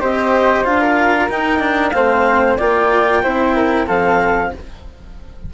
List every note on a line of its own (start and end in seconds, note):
0.00 0.65 C4
0.00 0.64 G4
0.00 0.80 C5
0.00 0.64 D#5
0.64 1.29 D4
0.64 1.28 F4
0.64 1.29 F5
0.80 1.93 A#4
1.29 1.59 D#4
1.29 1.94 D#4
1.29 1.90 G5
1.59 1.91 D4
1.90 2.58 A3
1.90 2.58 C4
1.90 2.57 C5
1.90 2.54 F5
2.57 3.24 A#3
2.57 3.23 F4
2.57 3.22 D5
2.57 3.87 G5
3.23 3.89 C4
3.23 3.86 E4
3.23 3.54 C5
3.54 3.86 A#4
3.86 4.53 F3
3.86 4.51 C4
3.86 4.51 A4
3.86 4.52 F5